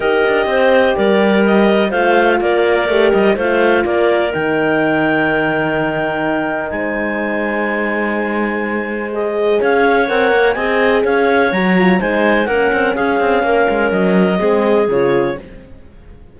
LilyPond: <<
  \new Staff \with { instrumentName = "clarinet" } { \time 4/4 \tempo 4 = 125 dis''2 d''4 dis''4 | f''4 d''4. dis''8 f''4 | d''4 g''2.~ | g''2 gis''2~ |
gis''2. dis''4 | f''4 fis''4 gis''4 f''4 | ais''4 gis''4 fis''4 f''4~ | f''4 dis''2 cis''4 | }
  \new Staff \with { instrumentName = "clarinet" } { \time 4/4 ais'4 c''4 ais'2 | c''4 ais'2 c''4 | ais'1~ | ais'2 c''2~ |
c''1 | cis''2 dis''4 cis''4~ | cis''4 c''4 ais'4 gis'4 | ais'2 gis'2 | }
  \new Staff \with { instrumentName = "horn" } { \time 4/4 g'1 | f'2 g'4 f'4~ | f'4 dis'2.~ | dis'1~ |
dis'2. gis'4~ | gis'4 ais'4 gis'2 | fis'8 f'8 dis'4 cis'2~ | cis'2 c'4 f'4 | }
  \new Staff \with { instrumentName = "cello" } { \time 4/4 dis'8 d'8 c'4 g2 | a4 ais4 a8 g8 a4 | ais4 dis2.~ | dis2 gis2~ |
gis1 | cis'4 c'8 ais8 c'4 cis'4 | fis4 gis4 ais8 c'8 cis'8 c'8 | ais8 gis8 fis4 gis4 cis4 | }
>>